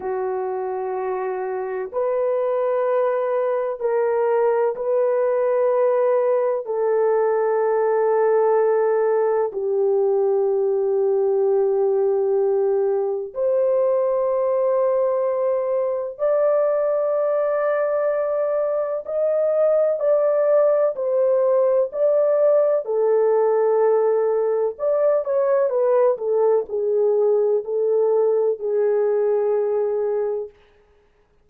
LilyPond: \new Staff \with { instrumentName = "horn" } { \time 4/4 \tempo 4 = 63 fis'2 b'2 | ais'4 b'2 a'4~ | a'2 g'2~ | g'2 c''2~ |
c''4 d''2. | dis''4 d''4 c''4 d''4 | a'2 d''8 cis''8 b'8 a'8 | gis'4 a'4 gis'2 | }